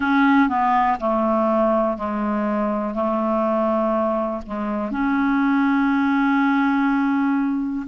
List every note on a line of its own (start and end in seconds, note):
0.00 0.49 C#4
0.49 0.98 B3
1.00 1.97 A3
1.97 2.94 G#3
2.94 4.41 A3
4.46 4.91 G#3
4.91 7.86 C#4